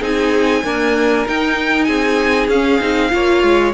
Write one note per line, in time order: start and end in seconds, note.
0.00 0.63 C4
0.00 0.63 D#4
0.00 0.62 G#4
0.00 1.27 G#5
0.64 1.26 A#3
0.64 1.26 D4
0.64 1.86 A#4
1.28 2.52 D#4
1.28 1.88 D#4
1.28 1.84 G5
1.84 2.48 C4
1.84 3.10 G#4
1.84 2.46 G#5
2.48 2.79 C#4
2.48 2.81 C#4
2.48 3.73 F5
2.81 3.12 C4
2.81 3.10 D#4
3.10 3.43 A#3
3.10 3.72 F4
3.10 3.74 C#5
3.43 3.74 G#3